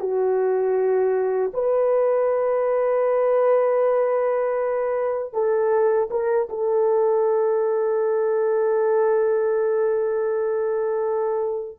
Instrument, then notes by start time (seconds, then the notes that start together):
horn
0.00 F#4
1.54 B4
5.33 A4
6.11 A#4
6.49 A4